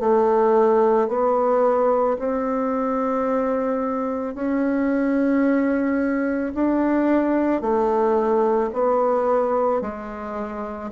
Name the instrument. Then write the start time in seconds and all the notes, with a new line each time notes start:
bassoon
0.00 A3
1.09 B3
2.19 C4
4.35 C#4
6.55 D4
7.61 A3
8.73 B3
9.82 G#3